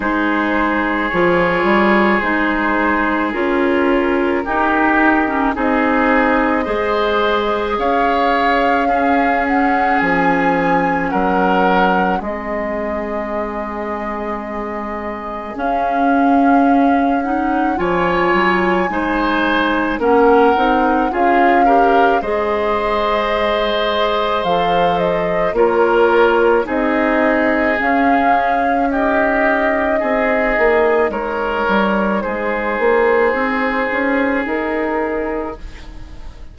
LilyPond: <<
  \new Staff \with { instrumentName = "flute" } { \time 4/4 \tempo 4 = 54 c''4 cis''4 c''4 ais'4~ | ais'4 dis''2 f''4~ | f''8 fis''8 gis''4 fis''4 dis''4~ | dis''2 f''4. fis''8 |
gis''2 fis''4 f''4 | dis''2 f''8 dis''8 cis''4 | dis''4 f''4 dis''2 | cis''4 c''2 ais'4 | }
  \new Staff \with { instrumentName = "oboe" } { \time 4/4 gis'1 | g'4 gis'4 c''4 cis''4 | gis'2 ais'4 gis'4~ | gis'1 |
cis''4 c''4 ais'4 gis'8 ais'8 | c''2. ais'4 | gis'2 g'4 gis'4 | ais'4 gis'2. | }
  \new Staff \with { instrumentName = "clarinet" } { \time 4/4 dis'4 f'4 dis'4 f'4 | dis'8. cis'16 dis'4 gis'2 | cis'2. c'4~ | c'2 cis'4. dis'8 |
f'4 dis'4 cis'8 dis'8 f'8 g'8 | gis'2 a'4 f'4 | dis'4 cis'4 dis'2~ | dis'1 | }
  \new Staff \with { instrumentName = "bassoon" } { \time 4/4 gis4 f8 g8 gis4 cis'4 | dis'4 c'4 gis4 cis'4~ | cis'4 f4 fis4 gis4~ | gis2 cis'2 |
f8 fis8 gis4 ais8 c'8 cis'4 | gis2 f4 ais4 | c'4 cis'2 c'8 ais8 | gis8 g8 gis8 ais8 c'8 cis'8 dis'4 | }
>>